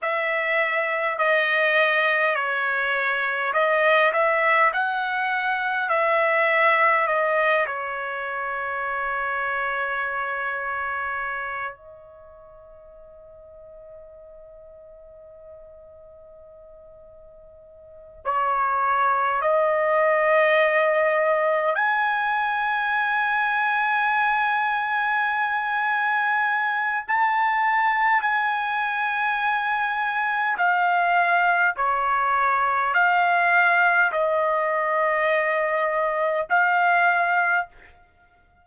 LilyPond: \new Staff \with { instrumentName = "trumpet" } { \time 4/4 \tempo 4 = 51 e''4 dis''4 cis''4 dis''8 e''8 | fis''4 e''4 dis''8 cis''4.~ | cis''2 dis''2~ | dis''2.~ dis''8 cis''8~ |
cis''8 dis''2 gis''4.~ | gis''2. a''4 | gis''2 f''4 cis''4 | f''4 dis''2 f''4 | }